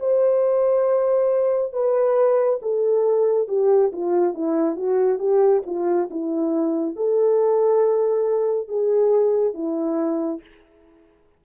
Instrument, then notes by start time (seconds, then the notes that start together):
horn
0.00 C5
1.73 B4
2.62 A4
3.49 G4
3.93 F4
4.35 E4
4.77 F#4
5.19 G4
5.66 F4
6.11 E4
6.96 A4
8.68 G#4
9.55 E4